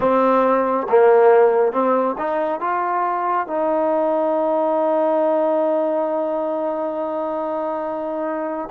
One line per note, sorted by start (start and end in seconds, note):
0.00 0.87 C4
0.89 1.72 A#3
1.72 2.15 C4
2.18 2.60 D#4
2.60 3.47 F4
3.47 8.69 D#4